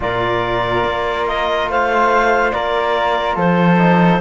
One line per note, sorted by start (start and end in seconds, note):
0.00 0.84 A#2
0.00 3.78 F4
0.00 1.70 A#4
0.00 1.27 D5
0.84 1.67 A#3
1.27 1.70 D#5
1.67 2.52 A3
1.67 2.54 C5
1.67 2.51 F5
2.51 3.36 A#3
2.51 3.35 A#4
2.51 3.36 D5
3.35 4.20 F3
3.35 4.20 A4
3.35 4.20 C5
3.78 4.20 D#4